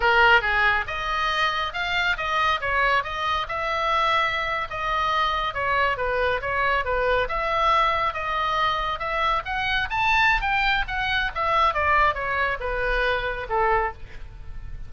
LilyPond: \new Staff \with { instrumentName = "oboe" } { \time 4/4 \tempo 4 = 138 ais'4 gis'4 dis''2 | f''4 dis''4 cis''4 dis''4 | e''2~ e''8. dis''4~ dis''16~ | dis''8. cis''4 b'4 cis''4 b'16~ |
b'8. e''2 dis''4~ dis''16~ | dis''8. e''4 fis''4 a''4~ a''16 | g''4 fis''4 e''4 d''4 | cis''4 b'2 a'4 | }